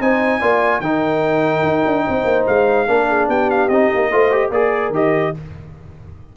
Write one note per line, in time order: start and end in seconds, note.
0.00 0.41 C4
0.00 0.41 D#4
0.00 0.39 C5
0.00 0.81 G#5
0.39 0.80 A#3
0.39 0.82 F4
0.39 0.81 D5
0.80 1.62 D#3
0.80 2.87 D#4
0.80 2.05 A#4
0.80 2.45 G5
1.63 1.84 D#4
1.86 2.06 D4
2.06 2.24 C4
2.06 2.88 C5
2.24 2.45 A#3
2.46 2.88 G#3
2.46 3.29 F5
2.87 3.28 A#3
2.87 3.70 D4
2.87 3.08 A#4
3.08 3.28 G#4
3.28 3.69 B3
3.28 4.11 G4
3.28 3.50 G5
3.50 3.68 F5
3.68 3.89 C4
3.68 4.12 D#4
3.68 4.51 D#5
3.95 4.11 A#3
4.11 4.50 A3
4.11 4.31 F4
4.11 4.52 C5
4.31 4.52 G4
4.50 4.90 A#3
4.50 4.93 G#4
4.50 5.35 A#4
4.50 4.93 D5
4.90 5.31 D#3
4.90 5.34 G4
4.90 5.37 D#5